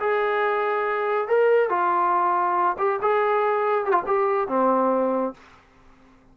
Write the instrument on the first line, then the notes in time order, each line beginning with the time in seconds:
trombone
0.00 G#4
1.28 A#4
1.70 F4
2.79 G4
3.02 G#4
3.85 G4
3.92 F4
4.07 G4
4.48 C4